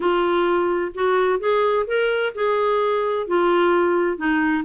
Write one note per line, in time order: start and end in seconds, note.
0.00 0.92 F4
0.94 1.39 F#4
1.39 1.86 G#4
1.86 2.33 A#4
2.34 3.27 G#4
3.27 4.17 F4
4.17 4.63 D#4